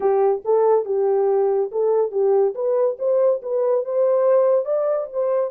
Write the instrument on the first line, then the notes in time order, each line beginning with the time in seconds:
horn
0.00 G4
0.44 A4
0.85 G4
1.71 A4
2.11 G4
2.54 B4
2.98 C5
3.42 B4
3.84 C5
4.65 D5
5.12 C5